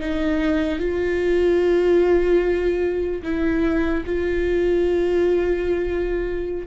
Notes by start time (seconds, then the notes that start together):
0.00 D#4
0.79 F4
3.22 E4
4.05 F4